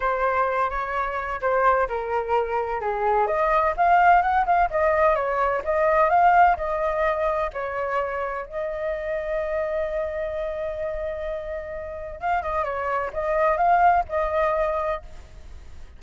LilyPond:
\new Staff \with { instrumentName = "flute" } { \time 4/4 \tempo 4 = 128 c''4. cis''4. c''4 | ais'2 gis'4 dis''4 | f''4 fis''8 f''8 dis''4 cis''4 | dis''4 f''4 dis''2 |
cis''2 dis''2~ | dis''1~ | dis''2 f''8 dis''8 cis''4 | dis''4 f''4 dis''2 | }